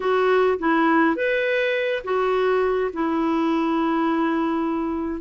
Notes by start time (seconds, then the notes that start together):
0.00 F#4
0.58 E4
1.15 B4
2.04 F#4
2.93 E4